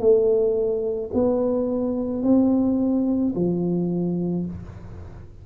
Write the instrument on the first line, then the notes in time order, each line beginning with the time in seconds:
tuba
0.00 A3
1.14 B3
2.23 C4
3.35 F3